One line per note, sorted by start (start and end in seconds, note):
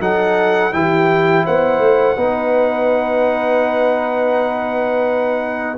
0.00 0.72 F#3
0.00 0.72 D#4
0.00 0.73 A4
0.00 0.73 F#5
0.72 1.45 E3
0.72 2.16 E4
0.72 1.45 G4
0.72 1.45 G5
1.45 1.79 B3
1.45 2.16 C5
1.45 5.77 F#5
1.79 2.15 A3
2.16 5.77 B3
2.16 5.77 D#4
2.16 5.77 B4